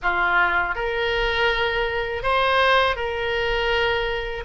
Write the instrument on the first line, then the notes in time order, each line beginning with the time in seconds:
oboe
0.02 F4
0.75 A#4
2.22 C5
2.96 A#4